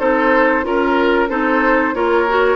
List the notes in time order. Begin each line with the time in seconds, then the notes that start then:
0.00 C4 D#4 A4 C5
0.64 C#4 F4 A#4
1.29 C4 D#4 A4 C5
1.94 A#3 F4 A#4 C#5
2.29 F#4